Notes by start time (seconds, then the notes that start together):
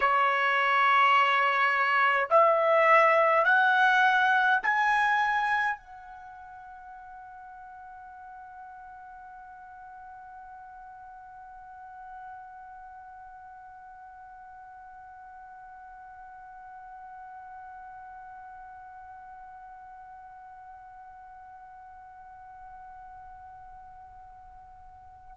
0.00 C#5
2.30 E5
3.45 F#5
4.63 G#5
5.77 F#5